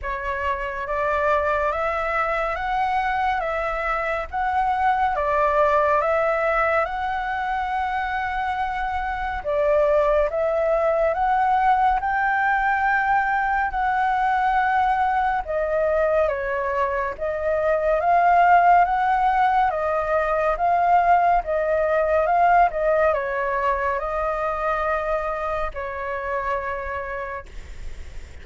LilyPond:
\new Staff \with { instrumentName = "flute" } { \time 4/4 \tempo 4 = 70 cis''4 d''4 e''4 fis''4 | e''4 fis''4 d''4 e''4 | fis''2. d''4 | e''4 fis''4 g''2 |
fis''2 dis''4 cis''4 | dis''4 f''4 fis''4 dis''4 | f''4 dis''4 f''8 dis''8 cis''4 | dis''2 cis''2 | }